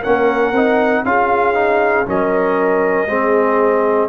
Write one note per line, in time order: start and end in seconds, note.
0.00 0.52 A#3
0.00 0.54 C#4
0.00 1.02 A#4
0.00 1.05 F#5
0.52 1.03 C4
0.52 1.05 D#4
1.04 2.06 C#4
1.04 1.54 F4
1.04 2.08 G#4
1.04 2.07 F5
1.54 2.05 D#4
2.06 3.07 F#3
2.06 3.07 C#4
2.06 3.08 A#4
2.06 4.09 D#5
3.07 4.09 G#3
3.07 4.09 C4
3.07 4.09 G#4